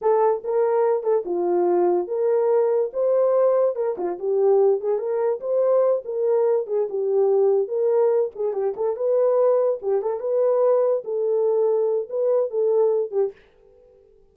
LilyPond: \new Staff \with { instrumentName = "horn" } { \time 4/4 \tempo 4 = 144 a'4 ais'4. a'8 f'4~ | f'4 ais'2 c''4~ | c''4 ais'8 f'8 g'4. gis'8 | ais'4 c''4. ais'4. |
gis'8 g'2 ais'4. | gis'8 g'8 a'8 b'2 g'8 | a'8 b'2 a'4.~ | a'4 b'4 a'4. g'8 | }